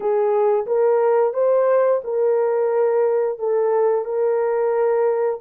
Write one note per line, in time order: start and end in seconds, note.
0.00 0.66 G#4
0.66 1.33 A#4
1.33 2.01 C5
2.04 3.38 A#4
3.38 4.04 A4
4.04 5.39 A#4